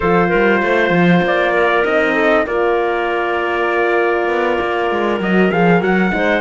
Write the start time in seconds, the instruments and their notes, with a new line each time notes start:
0.00 cello F3, horn F4, clarinet A4, trumpet C5
0.28 cello G3, clarinet A#4
0.62 cello A3, clarinet C5
0.90 cello F3
1.22 cello A#3, trumpet D5
1.54 clarinet A#4
1.84 cello C4, horn D#4, trumpet D#5
2.13 clarinet A4
2.46 cello A#3, horn F4, clarinet A#4, trumpet D5
4.28 cello B3
4.60 cello A#3
4.91 cello G#3
5.20 cello F#3, horn F#4, trumpet D#5
5.51 cello F3, horn G#4, trumpet F5
5.80 cello F#3, horn F#4, trumpet F#5
6.10 cello G#3, horn D#4, clarinet C5